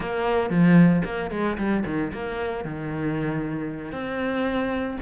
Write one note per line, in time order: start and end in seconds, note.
0.00 0.50 A#3
0.50 1.02 F3
1.04 1.30 A#3
1.30 1.57 G#3
1.57 1.83 G3
1.85 2.11 D#3
2.13 2.64 A#3
2.64 3.91 D#3
3.91 4.97 C4